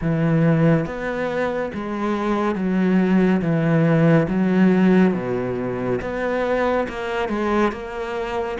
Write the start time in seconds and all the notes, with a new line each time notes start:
0.01 E3
0.85 B3
1.74 G#3
2.55 F#3
3.41 E3
4.28 F#3
5.14 B2
6.01 B3
6.88 A#3
7.29 G#3
7.71 A#3